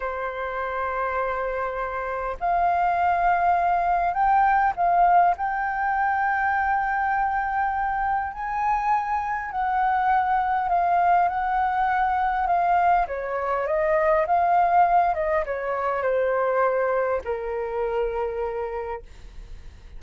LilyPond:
\new Staff \with { instrumentName = "flute" } { \time 4/4 \tempo 4 = 101 c''1 | f''2. g''4 | f''4 g''2.~ | g''2 gis''2 |
fis''2 f''4 fis''4~ | fis''4 f''4 cis''4 dis''4 | f''4. dis''8 cis''4 c''4~ | c''4 ais'2. | }